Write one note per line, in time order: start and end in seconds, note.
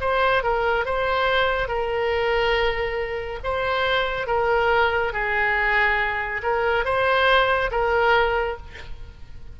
0.00 0.43 C5
0.43 0.85 A#4
0.85 1.68 C5
1.68 3.39 A#4
3.43 4.27 C5
4.27 5.12 A#4
5.13 6.41 G#4
6.43 6.85 A#4
6.85 7.70 C5
7.71 8.57 A#4